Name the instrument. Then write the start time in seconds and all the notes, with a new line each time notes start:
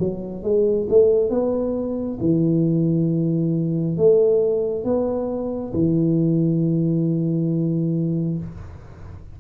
tuba
0.00 F#3
0.44 G#3
0.90 A3
1.30 B3
2.21 E3
3.97 A3
4.84 B3
5.74 E3